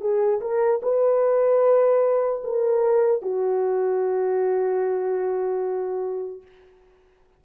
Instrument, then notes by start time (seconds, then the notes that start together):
horn
0.00 G#4
0.40 A#4
0.82 B4
2.44 A#4
3.22 F#4